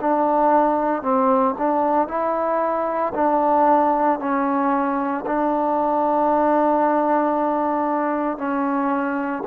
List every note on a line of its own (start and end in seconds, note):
0.00 1.02 D4
1.02 1.55 C4
1.58 2.07 D4
2.07 3.12 E4
3.14 4.19 D4
4.19 5.24 C#4
5.26 8.38 D4
8.38 9.43 C#4